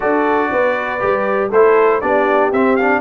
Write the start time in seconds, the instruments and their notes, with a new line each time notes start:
0.00 tuba D4, trombone F#4, horn A4, trumpet D5
0.51 tuba B3, horn B4
0.99 tuba G3, trombone G4
1.49 tuba A3, trombone E4, horn A4, trumpet C5
2.00 tuba B3, trombone D4, horn G4, trumpet D5
2.51 tuba C4, trombone C4, trumpet E5
2.76 trombone D4, trumpet F5